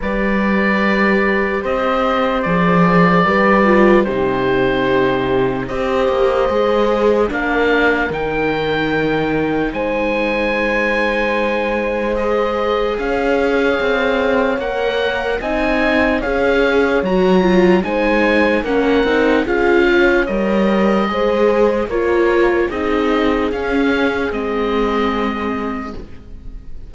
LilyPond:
<<
  \new Staff \with { instrumentName = "oboe" } { \time 4/4 \tempo 4 = 74 d''2 dis''4 d''4~ | d''4 c''2 dis''4~ | dis''4 f''4 g''2 | gis''2. dis''4 |
f''2 fis''4 gis''4 | f''4 ais''4 gis''4 fis''4 | f''4 dis''2 cis''4 | dis''4 f''4 dis''2 | }
  \new Staff \with { instrumentName = "horn" } { \time 4/4 b'2 c''2 | b'4 g'2 c''4~ | c''4 ais'2. | c''1 |
cis''2. dis''4 | cis''2 c''4 ais'4 | gis'8 cis''4. c''4 ais'4 | gis'1 | }
  \new Staff \with { instrumentName = "viola" } { \time 4/4 g'2. gis'4 | g'8 f'8 dis'2 g'4 | gis'4 d'4 dis'2~ | dis'2. gis'4~ |
gis'2 ais'4 dis'4 | gis'4 fis'8 f'8 dis'4 cis'8 dis'8 | f'4 ais'4 gis'4 f'4 | dis'4 cis'4 c'2 | }
  \new Staff \with { instrumentName = "cello" } { \time 4/4 g2 c'4 f4 | g4 c2 c'8 ais8 | gis4 ais4 dis2 | gis1 |
cis'4 c'4 ais4 c'4 | cis'4 fis4 gis4 ais8 c'8 | cis'4 g4 gis4 ais4 | c'4 cis'4 gis2 | }
>>